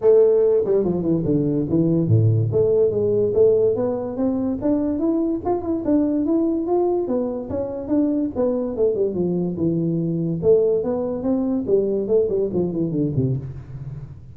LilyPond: \new Staff \with { instrumentName = "tuba" } { \time 4/4 \tempo 4 = 144 a4. g8 f8 e8 d4 | e4 a,4 a4 gis4 | a4 b4 c'4 d'4 | e'4 f'8 e'8 d'4 e'4 |
f'4 b4 cis'4 d'4 | b4 a8 g8 f4 e4~ | e4 a4 b4 c'4 | g4 a8 g8 f8 e8 d8 c8 | }